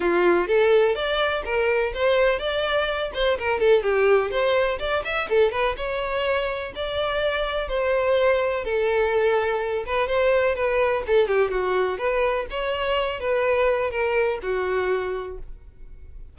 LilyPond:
\new Staff \with { instrumentName = "violin" } { \time 4/4 \tempo 4 = 125 f'4 a'4 d''4 ais'4 | c''4 d''4. c''8 ais'8 a'8 | g'4 c''4 d''8 e''8 a'8 b'8 | cis''2 d''2 |
c''2 a'2~ | a'8 b'8 c''4 b'4 a'8 g'8 | fis'4 b'4 cis''4. b'8~ | b'4 ais'4 fis'2 | }